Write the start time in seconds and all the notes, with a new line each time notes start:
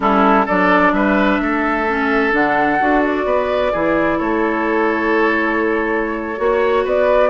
0.00 G3 C#4 E4 A4
0.45 F#3 D4 A4 D5
0.92 G3 B4 E5
1.40 A3 A4
1.87 C#4
2.31 D3 D4 F#5
2.79 D4 F#4
3.04 D5
3.25 B3 B4
3.72 E3 E4 G#4
4.17 A3 A4 C#5
6.37 A#3 F#4 C#5
6.84 B3 B4 D5